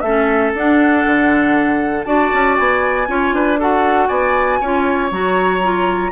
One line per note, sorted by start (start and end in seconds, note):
0.00 0.53 A3
0.00 0.55 C#4
0.00 2.06 A4
0.00 0.51 E5
0.54 1.05 D4
0.54 2.05 D4
0.54 2.04 F#5
1.05 2.05 D3
2.04 2.31 D4
2.04 3.07 F#4
2.04 3.08 D5
2.04 2.55 A5
2.33 2.58 C#4
2.56 3.07 B3
2.56 3.58 G#5
3.07 3.32 C#4
3.07 3.58 F4
3.07 3.35 C#5
3.32 4.08 D4
3.32 3.59 B4
3.59 4.62 F#4
3.59 4.08 A4
3.59 4.08 F#5
4.08 4.60 B3
4.08 4.59 D5
4.08 5.09 G#5
4.60 5.11 C#4
4.60 5.11 F4
4.60 6.12 C#5
5.11 6.12 F#3
5.11 5.62 F#4
5.11 6.12 A#5
5.62 6.12 F4